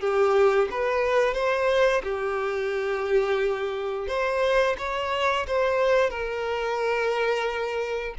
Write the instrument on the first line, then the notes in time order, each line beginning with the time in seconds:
violin
0.00 G4
0.71 B4
1.34 C5
2.03 G4
4.08 C5
4.78 C#5
5.47 C5
6.10 A#4